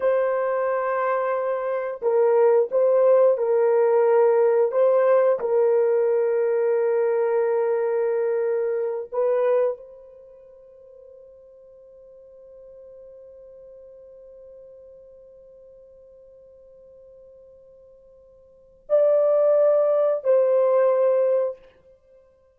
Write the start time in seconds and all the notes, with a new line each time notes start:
0.00 C5
2.01 A#4
2.71 C5
3.37 A#4
4.71 C5
5.39 A#4
9.12 B4
9.77 C5
18.89 D5
20.24 C5